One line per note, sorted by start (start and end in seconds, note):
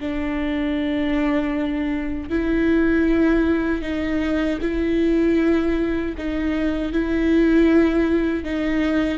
0.00 2.29 D4
2.29 3.82 E4
3.82 4.59 D#4
4.61 6.15 E4
6.18 6.92 D#4
6.92 8.44 E4
8.44 9.18 D#4